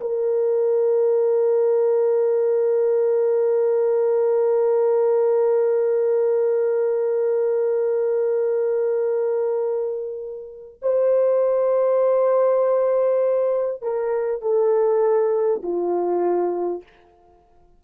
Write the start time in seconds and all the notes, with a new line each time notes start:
0.00 A#4
10.82 C5
13.82 A#4
14.42 A4
15.63 F4